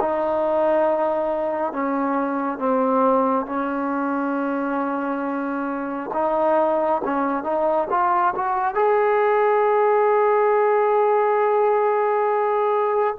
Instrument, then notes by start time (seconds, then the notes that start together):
trombone
0.00 D#4
1.72 C#4
2.58 C4
3.46 C#4
6.13 D#4
7.04 C#4
7.43 D#4
7.90 F4
8.35 F#4
8.74 G#4